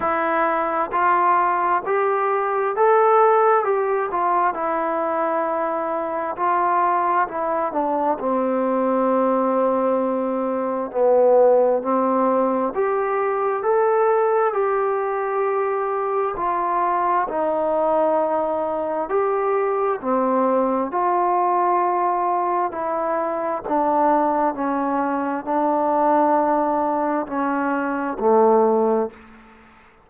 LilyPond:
\new Staff \with { instrumentName = "trombone" } { \time 4/4 \tempo 4 = 66 e'4 f'4 g'4 a'4 | g'8 f'8 e'2 f'4 | e'8 d'8 c'2. | b4 c'4 g'4 a'4 |
g'2 f'4 dis'4~ | dis'4 g'4 c'4 f'4~ | f'4 e'4 d'4 cis'4 | d'2 cis'4 a4 | }